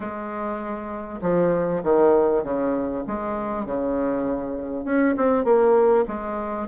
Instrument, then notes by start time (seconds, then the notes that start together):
bassoon
0.00 G#3
1.21 F3
1.83 D#3
2.43 C#3
3.07 G#3
3.65 C#3
4.85 C#4
5.17 C4
5.44 A#3
6.07 G#3